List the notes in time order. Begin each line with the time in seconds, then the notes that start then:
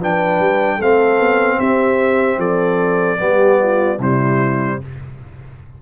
0.00 F3 D4 B4 G5
0.40 G3
0.77 A3 C4 A4 F5
1.20 B3
1.59 C4 G4 E5
2.38 F3 A4 D5
3.18 G3 B3 G4
3.63 F4
3.98 C3 G3 E4 C5